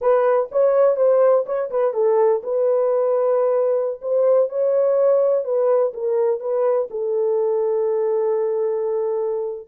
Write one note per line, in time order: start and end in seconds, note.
0.01 0.49 B4
0.51 0.96 C#5
0.96 1.45 C5
1.45 1.70 C#5
1.70 1.93 B4
1.93 2.41 A4
2.43 4.00 B4
4.01 4.49 C5
4.49 5.44 C#5
5.44 5.92 B4
5.93 6.39 A#4
6.39 6.88 B4
6.90 9.68 A4